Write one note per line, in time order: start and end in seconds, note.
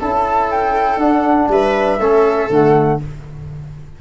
0.00 0.97 C#4
0.00 1.00 E4
0.00 1.50 A4
0.00 0.51 A5
0.51 0.99 G5
0.97 1.47 D4
0.97 2.00 D4
0.97 1.49 F#5
1.49 1.99 G3
1.49 2.00 B4
1.49 2.51 E5
1.99 2.49 A3
1.99 2.50 C#4
1.99 3.00 A4
2.50 3.00 D3
2.50 3.00 A3
2.50 3.01 F#5